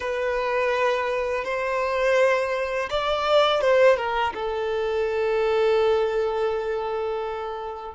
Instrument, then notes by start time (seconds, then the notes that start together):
violin
0.00 B4
1.44 C5
2.89 D5
3.61 C5
3.97 A#4
4.34 A4